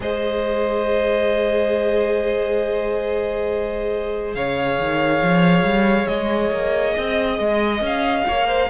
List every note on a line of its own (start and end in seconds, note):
0.00 4.35 G#3
0.00 8.70 G#4
0.00 4.36 C5
0.00 4.34 D#5
4.34 4.78 C#3
4.34 6.93 C#5
4.34 6.07 F5
4.79 5.22 D#3
5.22 5.64 F3
5.64 6.07 G3
6.07 6.51 G#3
6.07 7.81 D#5
6.51 6.95 A#3
6.93 7.39 C4
6.93 8.24 D#5
7.39 7.80 G#3
7.80 8.24 C#4
7.80 8.70 F5
8.27 8.70 A#3
8.27 8.47 C#5
8.47 8.68 C5